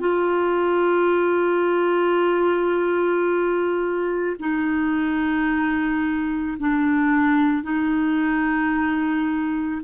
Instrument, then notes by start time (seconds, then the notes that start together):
clarinet
0.00 F4
4.39 D#4
6.59 D4
7.63 D#4